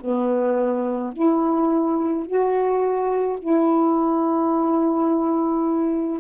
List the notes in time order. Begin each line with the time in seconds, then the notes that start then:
0.00 B3
1.13 E4
2.26 F#4
3.39 E4